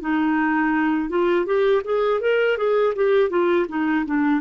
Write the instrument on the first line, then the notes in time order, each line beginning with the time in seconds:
clarinet
0.00 D#4
1.09 F4
1.45 G4
1.84 G#4
2.20 A#4
2.57 G#4
2.95 G4
3.29 F4
3.69 D#4
4.05 D4